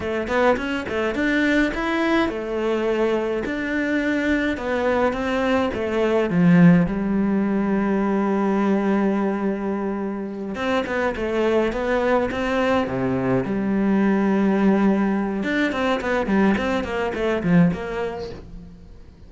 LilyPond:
\new Staff \with { instrumentName = "cello" } { \time 4/4 \tempo 4 = 105 a8 b8 cis'8 a8 d'4 e'4 | a2 d'2 | b4 c'4 a4 f4 | g1~ |
g2~ g8 c'8 b8 a8~ | a8 b4 c'4 c4 g8~ | g2. d'8 c'8 | b8 g8 c'8 ais8 a8 f8 ais4 | }